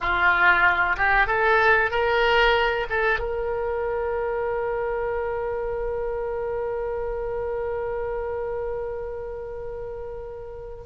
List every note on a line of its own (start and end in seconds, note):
0.00 0.96 F4
0.97 1.26 G4
1.26 1.90 A4
1.91 2.86 A#4
2.89 3.19 A4
3.19 10.85 A#4